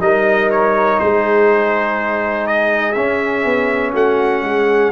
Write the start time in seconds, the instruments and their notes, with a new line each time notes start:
0.00 tuba G3, trombone D#4, horn A#4, trumpet D#5
0.51 trumpet C#5
0.99 tuba G#3, horn G#4, trumpet C5
2.47 trumpet D#5
2.93 tuba C#4, trombone C#4, trumpet E5
3.45 tuba B3
3.94 tuba A3, horn F#4, trumpet F#5
4.43 tuba G#3, horn G#4